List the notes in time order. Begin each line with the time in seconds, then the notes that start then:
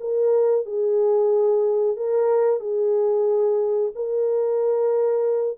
0.00 A#4
0.66 G#4
1.96 A#4
2.60 G#4
3.95 A#4